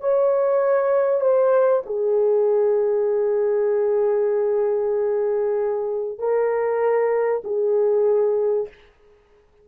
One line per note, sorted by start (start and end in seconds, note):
0.00 1.21 C#5
1.21 1.82 C5
1.86 6.18 G#4
6.18 7.42 A#4
7.44 8.68 G#4